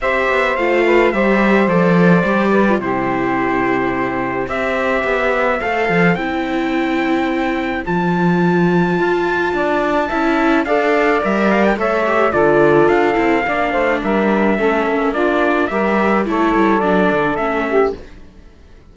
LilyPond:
<<
  \new Staff \with { instrumentName = "trumpet" } { \time 4/4 \tempo 4 = 107 e''4 f''4 e''4 d''4~ | d''4 c''2. | e''2 f''4 g''4~ | g''2 a''2~ |
a''2. f''4 | e''8 f''16 g''16 e''4 d''4 f''4~ | f''4 e''2 d''4 | e''4 cis''4 d''4 e''4 | }
  \new Staff \with { instrumentName = "saxophone" } { \time 4/4 c''4. b'8 c''2~ | c''8 b'8 g'2. | c''1~ | c''1~ |
c''4 d''4 e''4 d''4~ | d''4 cis''4 a'2 | d''8 c''8 ais'4 a'4 f'4 | ais'4 a'2~ a'8 g'8 | }
  \new Staff \with { instrumentName = "viola" } { \time 4/4 g'4 f'4 g'4 a'4 | g'8. f'16 e'2. | g'2 a'4 e'4~ | e'2 f'2~ |
f'2 e'4 a'4 | ais'4 a'8 g'8 f'4. e'8 | d'2 cis'4 d'4 | g'4 e'4 d'4 cis'4 | }
  \new Staff \with { instrumentName = "cello" } { \time 4/4 c'8 b8 a4 g4 f4 | g4 c2. | c'4 b4 a8 f8 c'4~ | c'2 f2 |
f'4 d'4 cis'4 d'4 | g4 a4 d4 d'8 c'8 | ais8 a8 g4 a8 ais4. | g4 a8 g8 fis8 d8 a4 | }
>>